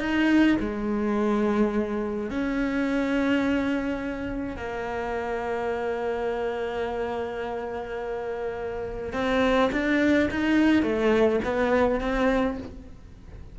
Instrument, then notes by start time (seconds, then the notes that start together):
cello
0.00 D#4
0.59 G#3
2.30 C#4
4.56 A#3
9.13 C4
9.72 D4
10.31 D#4
10.83 A3
11.44 B3
12.01 C4